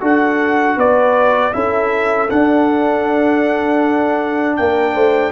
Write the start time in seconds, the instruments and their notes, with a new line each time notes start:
0.00 tuba D4, trombone F#4, horn A4, trumpet F#5
0.76 tuba B3, horn B4, trumpet D5
1.53 tuba C#4, trombone E4, horn A4, trumpet E5
2.30 trombone D4, tuba D4, trumpet F#5
4.56 tuba A#3, horn A#4, trumpet G5
4.94 tuba A3, horn C5